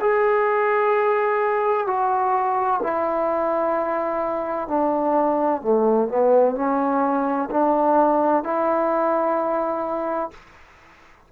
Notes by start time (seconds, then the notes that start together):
0.00 G#4
1.86 F#4
2.83 E4
4.67 D4
5.61 A3
6.08 B3
6.55 C#4
7.50 D4
8.43 E4